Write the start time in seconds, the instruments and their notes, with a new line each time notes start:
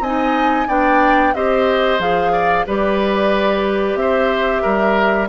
0.00 bassoon C4, clarinet D#4, oboe D#5, flute G#5
0.68 bassoon B3, clarinet D4, oboe D5, flute G5
1.34 bassoon C4, clarinet G4, oboe C5, flute D#5
1.99 bassoon F3, clarinet G#4, flute F5
2.33 oboe D5
2.66 bassoon G3, clarinet G4, oboe B4, flute D5
3.95 bassoon C4, flute E5
4.01 oboe C5
4.63 bassoon G3, oboe A#4